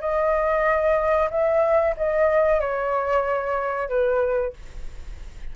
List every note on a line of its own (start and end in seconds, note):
0.00 1.29 D#5
1.30 1.94 E5
1.96 2.60 D#5
2.60 3.88 C#5
3.88 4.53 B4